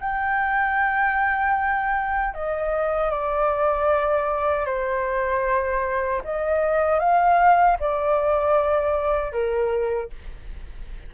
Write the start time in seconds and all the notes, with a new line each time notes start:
0.00 G5
2.34 D#5
3.11 D5
4.66 C5
6.24 D#5
6.99 F5
7.80 D5
9.32 A#4